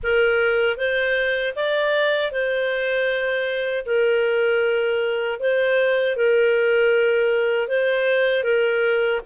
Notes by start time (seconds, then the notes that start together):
0.03 A#4
0.77 C5
1.55 D5
2.31 C5
3.85 A#4
5.39 C5
6.16 A#4
7.68 C5
8.43 A#4